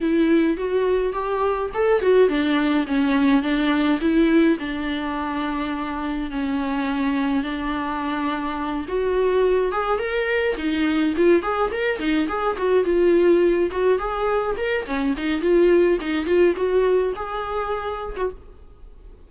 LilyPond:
\new Staff \with { instrumentName = "viola" } { \time 4/4 \tempo 4 = 105 e'4 fis'4 g'4 a'8 fis'8 | d'4 cis'4 d'4 e'4 | d'2. cis'4~ | cis'4 d'2~ d'8 fis'8~ |
fis'4 gis'8 ais'4 dis'4 f'8 | gis'8 ais'8 dis'8 gis'8 fis'8 f'4. | fis'8 gis'4 ais'8 cis'8 dis'8 f'4 | dis'8 f'8 fis'4 gis'4.~ gis'16 fis'16 | }